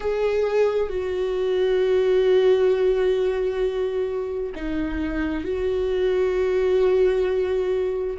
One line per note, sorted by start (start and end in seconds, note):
0.00 0.88 G#4
0.88 4.52 F#4
4.55 5.44 D#4
5.44 8.17 F#4